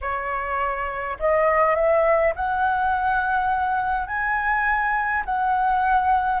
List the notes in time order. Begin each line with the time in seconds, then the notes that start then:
0.01 C#5
1.19 D#5
1.75 E5
2.35 F#5
4.07 G#5
5.25 F#5